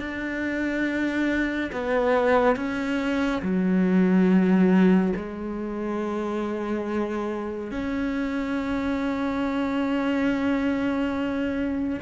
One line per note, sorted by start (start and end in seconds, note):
0.00 1.71 D4
1.73 2.56 B3
2.56 3.42 C#4
3.42 5.14 F#3
5.17 7.72 G#3
7.72 12.00 C#4